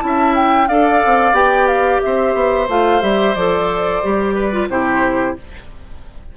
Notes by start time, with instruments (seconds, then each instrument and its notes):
0.00 bassoon C#4, clarinet E4, flute A5
0.06 oboe E5
0.35 flute G5
0.68 bassoon D4, clarinet A4, oboe D5, flute F5
1.05 bassoon C4
1.32 bassoon B3, clarinet G4, flute G5
1.67 flute F5
2.01 bassoon C4, oboe C5, flute E5
2.34 bassoon B3
2.68 bassoon A3, clarinet F4, flute F5
3.01 bassoon G3, clarinet G4, flute E5
3.35 bassoon F3, clarinet A4, flute D5
4.03 bassoon G3, clarinet G4
4.35 oboe B4
4.52 clarinet F4
4.68 bassoon C3, clarinet E4, oboe G4, flute C5